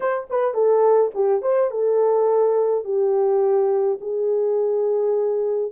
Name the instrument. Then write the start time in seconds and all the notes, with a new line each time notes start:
horn
0.00 C5
0.30 B4
0.54 A4
1.14 G4
1.42 C5
1.71 A4
2.84 G4
4.01 G#4